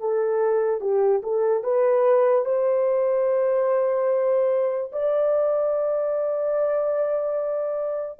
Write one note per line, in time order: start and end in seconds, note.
0.00 0.81 A4
0.81 1.22 G4
1.23 1.64 A4
1.64 2.45 B4
2.45 4.92 C5
4.92 8.20 D5